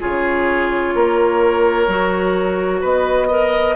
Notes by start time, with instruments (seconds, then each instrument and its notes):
0.00 bassoon C#3, clarinet F4, oboe G#4, flute C#5
0.95 bassoon A#3, oboe A#4
1.88 bassoon F#3, clarinet F#4
2.81 bassoon B3, oboe B4, flute D#5
3.28 clarinet A#4, oboe D#5